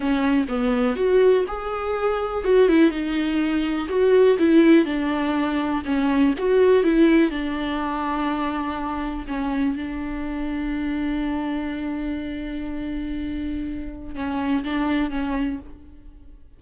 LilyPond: \new Staff \with { instrumentName = "viola" } { \time 4/4 \tempo 4 = 123 cis'4 b4 fis'4 gis'4~ | gis'4 fis'8 e'8 dis'2 | fis'4 e'4 d'2 | cis'4 fis'4 e'4 d'4~ |
d'2. cis'4 | d'1~ | d'1~ | d'4 cis'4 d'4 cis'4 | }